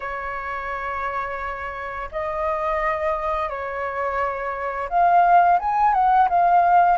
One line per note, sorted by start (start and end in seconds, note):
0.00 2.09 C#5
2.11 3.49 D#5
3.49 4.88 C#5
4.89 5.58 F5
5.59 5.93 G#5
5.93 6.28 F#5
6.29 6.98 F5